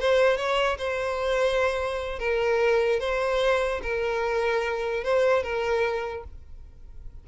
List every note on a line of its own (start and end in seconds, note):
0.00 0.37 C5
0.37 0.78 C#5
0.78 2.19 C5
2.19 3.00 A#4
3.00 3.81 C5
3.83 5.04 A#4
5.04 5.43 C5
5.43 6.24 A#4